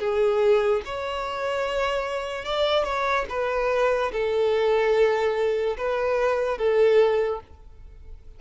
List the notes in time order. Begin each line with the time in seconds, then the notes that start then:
0.00 G#4
0.86 C#5
2.45 D5
2.85 C#5
3.30 B4
4.13 A4
5.77 B4
6.59 A4